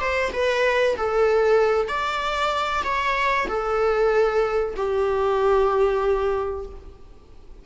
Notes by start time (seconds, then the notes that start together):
0.00 C5
0.32 B4
0.96 A4
1.88 D5
2.84 C#5
3.48 A4
4.76 G4